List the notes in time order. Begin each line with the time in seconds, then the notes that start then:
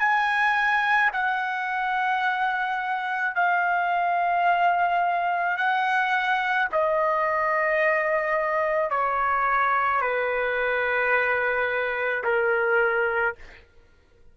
0.00 G#5
1.13 F#5
3.36 F5
5.58 F#5
6.72 D#5
8.91 C#5
10.02 B4
12.24 A#4